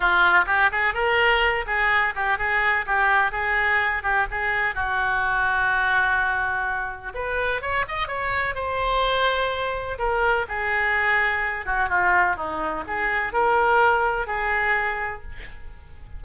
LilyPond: \new Staff \with { instrumentName = "oboe" } { \time 4/4 \tempo 4 = 126 f'4 g'8 gis'8 ais'4. gis'8~ | gis'8 g'8 gis'4 g'4 gis'4~ | gis'8 g'8 gis'4 fis'2~ | fis'2. b'4 |
cis''8 dis''8 cis''4 c''2~ | c''4 ais'4 gis'2~ | gis'8 fis'8 f'4 dis'4 gis'4 | ais'2 gis'2 | }